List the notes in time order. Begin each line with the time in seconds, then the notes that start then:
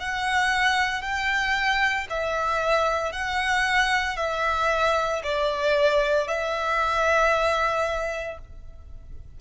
0.00 F#5
1.02 G5
2.11 E5
3.12 F#5
4.17 E5
5.24 D5
6.28 E5